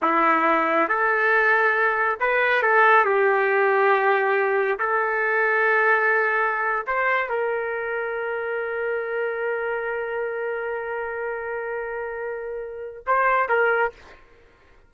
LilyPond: \new Staff \with { instrumentName = "trumpet" } { \time 4/4 \tempo 4 = 138 e'2 a'2~ | a'4 b'4 a'4 g'4~ | g'2. a'4~ | a'2.~ a'8. c''16~ |
c''8. ais'2.~ ais'16~ | ais'1~ | ais'1~ | ais'2 c''4 ais'4 | }